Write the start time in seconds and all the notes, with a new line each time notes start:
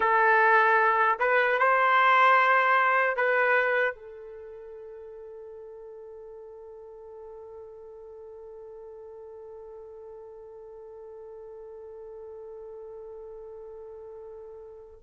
0.00 A4
1.19 B4
1.58 C5
3.16 B4
3.94 A4